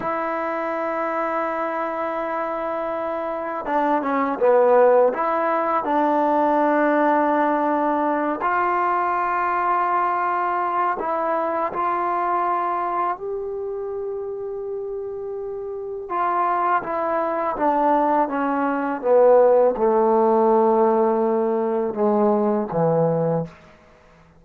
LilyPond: \new Staff \with { instrumentName = "trombone" } { \time 4/4 \tempo 4 = 82 e'1~ | e'4 d'8 cis'8 b4 e'4 | d'2.~ d'8 f'8~ | f'2. e'4 |
f'2 g'2~ | g'2 f'4 e'4 | d'4 cis'4 b4 a4~ | a2 gis4 e4 | }